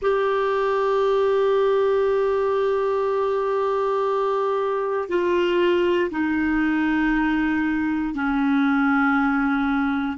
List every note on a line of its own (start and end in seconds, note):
0.02 5.08 G4
5.08 6.10 F4
6.11 8.14 D#4
8.14 10.17 C#4